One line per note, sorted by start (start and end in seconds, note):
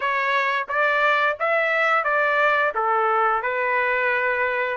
0.00 0.67 C#5
0.68 1.36 D5
1.39 2.04 E5
2.04 2.72 D5
2.74 3.42 A4
3.42 4.77 B4